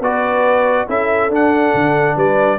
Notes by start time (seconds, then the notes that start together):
0.00 B3 F#4 B4 D5
0.88 C#4 E4 A4 E5
1.29 D4 F#5
1.74 D3
2.16 G3 B4 D5